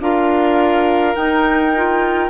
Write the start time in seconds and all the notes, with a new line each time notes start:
0.00 D4 F4 A#4 F5
1.15 D#4 G5
1.76 F4